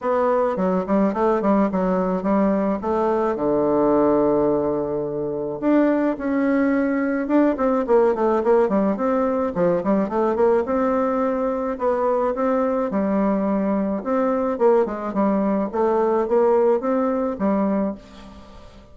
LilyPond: \new Staff \with { instrumentName = "bassoon" } { \time 4/4 \tempo 4 = 107 b4 fis8 g8 a8 g8 fis4 | g4 a4 d2~ | d2 d'4 cis'4~ | cis'4 d'8 c'8 ais8 a8 ais8 g8 |
c'4 f8 g8 a8 ais8 c'4~ | c'4 b4 c'4 g4~ | g4 c'4 ais8 gis8 g4 | a4 ais4 c'4 g4 | }